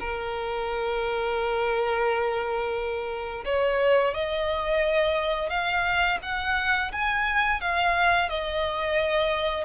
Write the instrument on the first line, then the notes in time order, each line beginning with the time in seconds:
violin
0.00 A#4
3.45 C#5
4.14 D#5
5.50 F5
6.23 F#5
6.92 G#5
7.61 F5
8.30 D#5